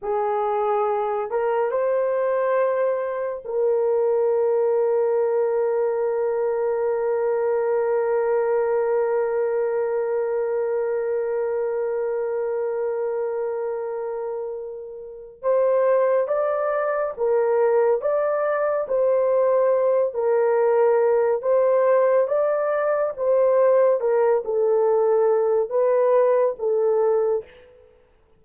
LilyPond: \new Staff \with { instrumentName = "horn" } { \time 4/4 \tempo 4 = 70 gis'4. ais'8 c''2 | ais'1~ | ais'1~ | ais'1~ |
ais'2 c''4 d''4 | ais'4 d''4 c''4. ais'8~ | ais'4 c''4 d''4 c''4 | ais'8 a'4. b'4 a'4 | }